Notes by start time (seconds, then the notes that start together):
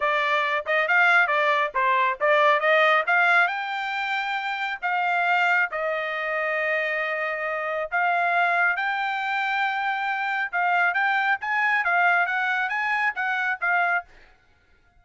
0.00 D5
0.66 D#5
0.88 F5
1.27 D5
1.74 C5
2.20 D5
2.60 D#5
3.06 F5
3.47 G5
4.82 F5
5.71 D#5
7.91 F5
8.76 G5
10.52 F5
10.94 G5
11.40 G#5
11.84 F5
12.26 F#5
12.69 G#5
13.15 F#5
13.60 F5